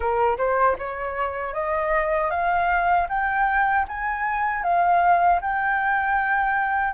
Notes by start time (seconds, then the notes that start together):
0.00 A#4
0.37 C5
0.78 C#5
1.53 D#5
2.30 F5
3.08 G5
3.88 G#5
4.63 F5
5.41 G5